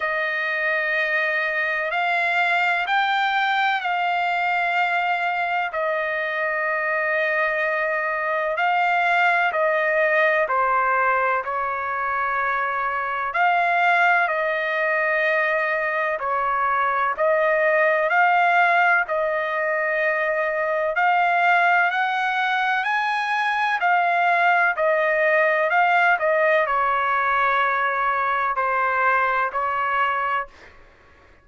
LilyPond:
\new Staff \with { instrumentName = "trumpet" } { \time 4/4 \tempo 4 = 63 dis''2 f''4 g''4 | f''2 dis''2~ | dis''4 f''4 dis''4 c''4 | cis''2 f''4 dis''4~ |
dis''4 cis''4 dis''4 f''4 | dis''2 f''4 fis''4 | gis''4 f''4 dis''4 f''8 dis''8 | cis''2 c''4 cis''4 | }